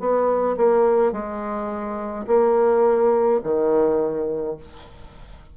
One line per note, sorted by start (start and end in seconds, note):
0.00 0.57 B3
0.58 1.13 A#3
1.13 2.26 G#3
2.27 3.41 A#3
3.44 4.57 D#3